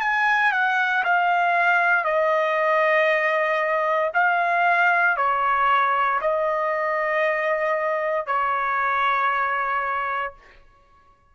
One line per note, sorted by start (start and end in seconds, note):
0.00 0.52 G#5
0.52 1.03 F#5
1.04 2.04 F5
2.04 4.11 D#5
4.14 5.16 F5
5.16 6.20 C#5
6.21 8.26 D#5
8.26 10.33 C#5